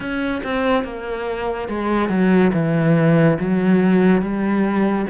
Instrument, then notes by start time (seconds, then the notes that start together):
cello
0.00 C#4
0.43 C4
0.84 A#3
1.68 G#3
2.09 F#3
2.53 E3
3.39 F#3
4.21 G3